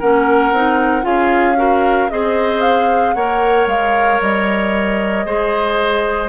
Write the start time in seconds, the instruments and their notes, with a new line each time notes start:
0.00 bassoon A#3, clarinet C#4, oboe A#4, flute F#5
0.52 bassoon C4, clarinet D#4
1.02 bassoon C#4, clarinet F4, oboe G#4, flute F5
1.56 clarinet F#4, oboe A#4
2.10 bassoon C4, clarinet G#4, oboe C5, flute D#5
2.62 flute F5
3.14 bassoon A#3, clarinet A#4, oboe C#5, flute F#5
3.67 bassoon G#3, flute F5
4.21 bassoon G3, flute D#5
5.26 bassoon G#3, clarinet G#4, oboe C5